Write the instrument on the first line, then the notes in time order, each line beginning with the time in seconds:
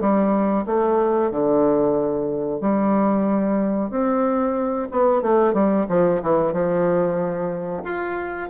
bassoon
0.00 G3
0.66 A3
1.31 D3
2.60 G3
3.90 C4
4.91 B3
5.21 A3
5.53 G3
5.88 F3
6.22 E3
6.52 F3
7.83 F4